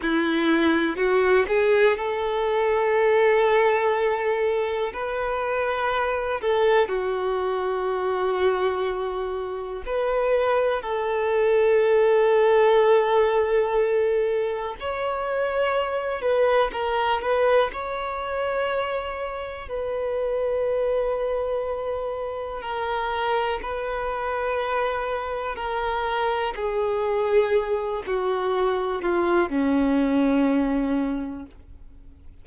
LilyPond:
\new Staff \with { instrumentName = "violin" } { \time 4/4 \tempo 4 = 61 e'4 fis'8 gis'8 a'2~ | a'4 b'4. a'8 fis'4~ | fis'2 b'4 a'4~ | a'2. cis''4~ |
cis''8 b'8 ais'8 b'8 cis''2 | b'2. ais'4 | b'2 ais'4 gis'4~ | gis'8 fis'4 f'8 cis'2 | }